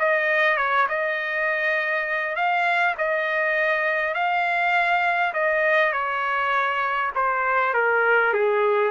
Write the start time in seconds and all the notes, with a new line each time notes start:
0.00 D#5
0.58 C#5
0.89 D#5
2.36 F5
2.99 D#5
4.14 F5
5.34 D#5
5.93 C#5
7.15 C5
7.74 A#4
8.34 G#4